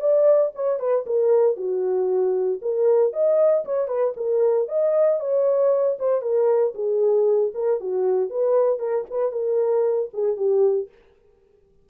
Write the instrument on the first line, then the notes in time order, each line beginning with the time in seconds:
horn
0.00 D5
0.55 C#5
0.79 B4
1.06 A#4
1.57 F#4
2.62 A#4
3.13 D#5
3.65 C#5
3.87 B4
4.16 A#4
4.68 D#5
5.20 C#5
5.99 C5
6.22 A#4
6.74 G#4
7.54 A#4
7.80 F#4
8.29 B4
8.79 A#4
9.10 B4
9.32 A#4
10.13 G#4
10.37 G4